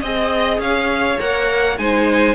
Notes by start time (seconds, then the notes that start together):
0.00 C4 G#4 D#5
0.58 C#4 C#5 F5
1.19 A#3 A#4 F#5
1.78 G#3 D#4 C5 G#5